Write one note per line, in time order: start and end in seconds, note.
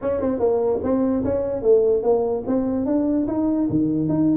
0.01 0.20 C#4
0.20 0.39 C4
0.39 0.80 A#3
0.83 1.24 C4
1.24 1.62 C#4
1.62 2.02 A3
2.02 2.43 A#3
2.47 2.85 C4
2.85 3.26 D4
3.27 3.68 D#4
3.69 4.09 D#3
4.09 4.37 D#4